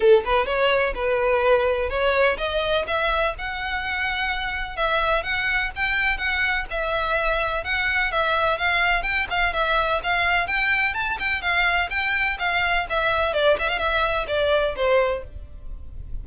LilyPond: \new Staff \with { instrumentName = "violin" } { \time 4/4 \tempo 4 = 126 a'8 b'8 cis''4 b'2 | cis''4 dis''4 e''4 fis''4~ | fis''2 e''4 fis''4 | g''4 fis''4 e''2 |
fis''4 e''4 f''4 g''8 f''8 | e''4 f''4 g''4 a''8 g''8 | f''4 g''4 f''4 e''4 | d''8 e''16 f''16 e''4 d''4 c''4 | }